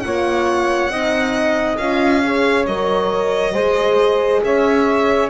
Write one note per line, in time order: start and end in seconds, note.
0.00 0.90 A#3
0.00 0.91 F4
0.00 0.91 C#5
0.00 1.76 F#5
0.90 1.78 C4
0.90 1.79 D#4
0.90 2.24 D#5
1.78 2.66 C#4
1.78 2.23 F4
1.78 2.66 F5
2.23 2.67 G#4
2.23 3.53 C#5
2.66 3.54 F#3
2.66 3.56 A#4
2.66 4.43 D#5
3.53 4.43 G#3
3.53 5.30 G#4
3.53 4.42 C5
4.43 5.30 C#4
4.43 5.30 C#5
4.43 5.30 E5